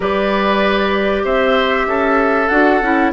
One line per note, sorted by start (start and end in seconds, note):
0.00 1.24 G3
0.00 2.48 G4
0.00 1.22 B4
0.00 1.25 D5
1.24 1.86 C4
1.24 1.86 C5
1.24 2.48 E5
1.86 2.48 C#4
1.86 3.12 A4
2.48 2.81 D4
2.48 2.82 F#4
2.48 3.10 F#5
2.81 3.12 C#4
2.81 3.12 E4